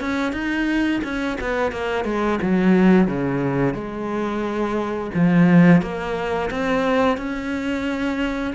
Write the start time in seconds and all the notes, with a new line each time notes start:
0.00 C#4
0.33 D#4
1.04 C#4
1.41 B3
1.71 A#3
2.05 G#3
2.41 F#3
3.07 C#3
3.74 G#3
5.14 F3
5.82 A#3
6.50 C4
7.17 C#4